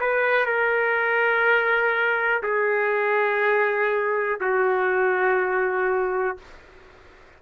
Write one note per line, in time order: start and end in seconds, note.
0.00 0.46 B4
0.46 2.42 A#4
2.43 4.39 G#4
4.41 6.38 F#4